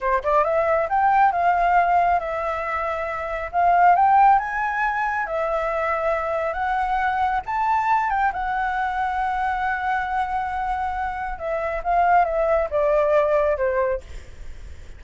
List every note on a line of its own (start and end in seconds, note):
0.00 0.22 C5
0.23 0.44 D5
0.44 0.88 E5
0.89 1.32 G5
1.32 2.19 F5
2.19 3.50 E5
3.52 3.95 F5
3.95 4.38 G5
4.38 5.26 G#5
5.26 6.53 E5
6.53 7.41 F#5
7.46 8.10 A5
8.10 8.32 G5
8.33 11.38 F#5
11.38 11.82 E5
11.83 12.24 F5
12.24 12.68 E5
12.70 13.57 D5
13.57 14.00 C5